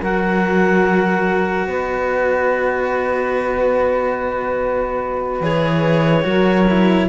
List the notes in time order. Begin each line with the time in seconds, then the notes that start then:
0.00 F#3 F#4 A#4 F#5
1.66 B3 B4 D#5
5.40 E3 G#4 C#5
6.23 F#3 F#4 A#4
6.68 E4